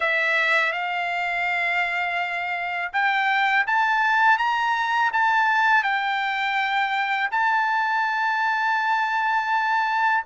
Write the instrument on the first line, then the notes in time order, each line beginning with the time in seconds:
trumpet
0.00 E5
0.72 F5
2.92 G5
3.67 A5
4.38 A#5
5.12 A5
5.83 G5
7.31 A5